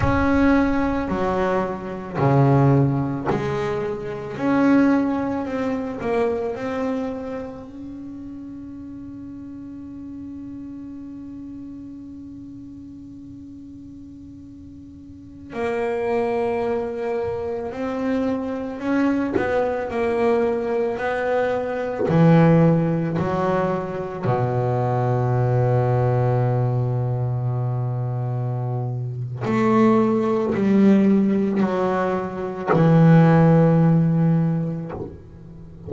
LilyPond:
\new Staff \with { instrumentName = "double bass" } { \time 4/4 \tempo 4 = 55 cis'4 fis4 cis4 gis4 | cis'4 c'8 ais8 c'4 cis'4~ | cis'1~ | cis'2~ cis'16 ais4.~ ais16~ |
ais16 c'4 cis'8 b8 ais4 b8.~ | b16 e4 fis4 b,4.~ b,16~ | b,2. a4 | g4 fis4 e2 | }